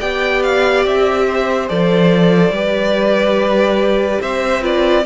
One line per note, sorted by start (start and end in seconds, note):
0.00 0.86 B3
0.00 1.70 G4
0.00 1.27 D5
0.00 0.43 G5
0.43 0.85 F5
0.86 1.70 C4
0.86 1.69 E5
1.28 2.55 C5
1.69 2.51 F3
1.69 2.54 A4
1.69 4.22 D5
2.51 4.20 G3
2.51 4.62 G4
2.51 4.22 B4
4.21 5.06 C4
4.21 4.62 C5
4.21 4.64 E5
4.62 5.04 F4
4.62 5.05 B4
4.62 5.06 D5